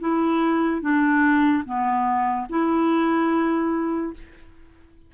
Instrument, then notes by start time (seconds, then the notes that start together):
clarinet
0.00 E4
0.82 D4
1.65 B3
2.50 E4